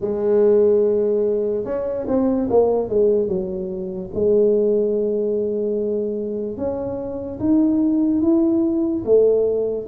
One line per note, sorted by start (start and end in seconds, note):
0.00 1.64 G#3
1.64 2.05 C#4
2.07 2.48 C4
2.50 2.88 A#3
2.88 3.28 G#3
3.28 4.10 F#3
4.14 6.57 G#3
6.57 7.39 C#4
7.39 8.21 D#4
8.21 9.03 E4
9.04 9.87 A3